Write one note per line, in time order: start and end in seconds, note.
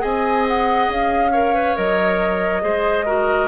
0.00 0.89 C4
0.00 1.30 G#4
0.00 1.32 D#5
0.00 0.47 G#5
0.48 0.92 F#5
0.89 1.76 C#4
0.89 1.78 F5
1.32 1.55 A#4
1.32 2.63 C#5
1.55 1.77 B4
1.77 2.63 F#3
1.77 2.62 A#4
1.77 3.49 D#5
2.62 3.49 G#3
2.62 3.05 G#4
2.62 3.06 C5
3.06 3.49 F#4
3.06 3.49 A#4